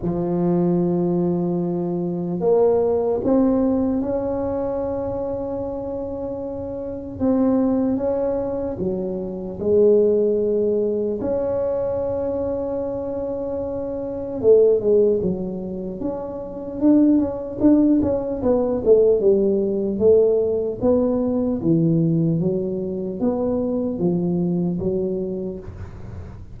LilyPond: \new Staff \with { instrumentName = "tuba" } { \time 4/4 \tempo 4 = 75 f2. ais4 | c'4 cis'2.~ | cis'4 c'4 cis'4 fis4 | gis2 cis'2~ |
cis'2 a8 gis8 fis4 | cis'4 d'8 cis'8 d'8 cis'8 b8 a8 | g4 a4 b4 e4 | fis4 b4 f4 fis4 | }